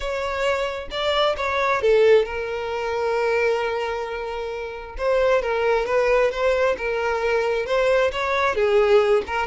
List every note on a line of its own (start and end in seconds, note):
0.00 0.88 C#5
0.90 1.35 D5
1.37 1.81 C#5
1.81 2.25 A4
2.25 4.96 A#4
4.97 5.41 C5
5.41 5.86 A#4
5.86 6.31 B4
6.31 6.76 C5
6.77 7.66 A#4
7.66 8.11 C5
8.12 8.55 C#5
8.55 9.22 G#4
9.26 9.46 A#4